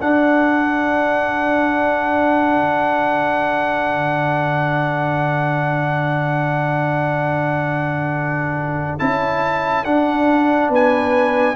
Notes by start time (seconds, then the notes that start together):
0.00 D4 A4 F#5
2.56 D3
8.99 C#4 E4 A5
9.85 D4 F#5
10.70 B3 B4 G#5